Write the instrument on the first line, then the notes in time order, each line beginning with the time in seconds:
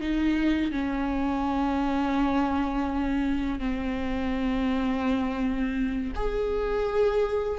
viola
0.00 D#4
0.71 C#4
3.59 C4
6.15 G#4